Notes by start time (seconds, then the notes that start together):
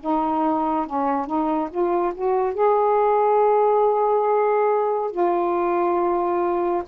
0.00 D#4
0.86 C#4
1.26 D#4
1.70 F4
2.14 F#4
2.54 G#4
5.11 F4